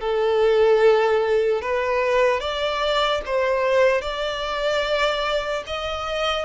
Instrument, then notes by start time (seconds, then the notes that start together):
violin
0.00 A4
1.61 B4
2.40 D5
3.25 C5
4.01 D5
5.66 D#5